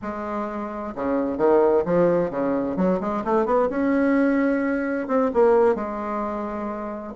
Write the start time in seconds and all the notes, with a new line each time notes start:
0.02 G#3
0.95 C#3
1.37 D#3
1.85 F3
2.30 C#3
2.76 F#3
3.00 G#3
3.24 A3
3.45 B3
3.69 C#4
5.07 C4
5.33 A#3
5.75 G#3